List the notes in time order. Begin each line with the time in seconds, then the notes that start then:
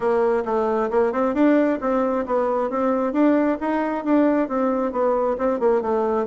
0.00 A#3
0.45 A3
0.90 A#3
1.12 C4
1.34 D4
1.81 C4
2.26 B3
2.69 C4
3.13 D4
3.60 D#4
4.04 D4
4.48 C4
4.92 B3
5.38 C4
5.59 A#3
5.81 A3